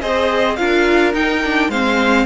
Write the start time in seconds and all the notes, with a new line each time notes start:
0.00 C4 G#4 C5 D#5
0.56 D4 F4 A#4 F5
1.13 D#4 G5
1.44 D4
1.68 G#3 C4 C5 F5